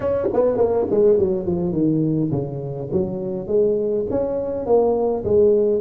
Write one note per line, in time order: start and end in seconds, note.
0.00 0.28 C#4
0.33 0.57 B3
0.57 0.86 A#3
0.90 1.18 G#3
1.18 1.46 F#3
1.46 1.72 F3
1.72 2.30 D#3
2.31 2.89 C#3
2.92 3.47 F#3
3.47 4.05 G#3
4.10 4.65 C#4
4.65 5.24 A#3
5.24 5.81 G#3